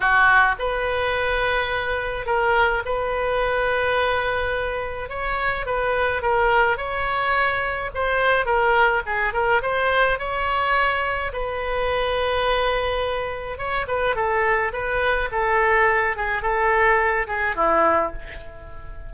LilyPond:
\new Staff \with { instrumentName = "oboe" } { \time 4/4 \tempo 4 = 106 fis'4 b'2. | ais'4 b'2.~ | b'4 cis''4 b'4 ais'4 | cis''2 c''4 ais'4 |
gis'8 ais'8 c''4 cis''2 | b'1 | cis''8 b'8 a'4 b'4 a'4~ | a'8 gis'8 a'4. gis'8 e'4 | }